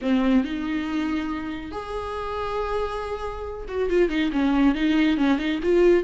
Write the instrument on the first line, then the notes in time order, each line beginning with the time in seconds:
viola
0.01 C4
0.44 D#4
1.71 G#4
3.67 F#4
3.89 F4
4.09 D#4
4.32 C#4
4.74 D#4
5.17 C#4
5.38 D#4
5.63 F4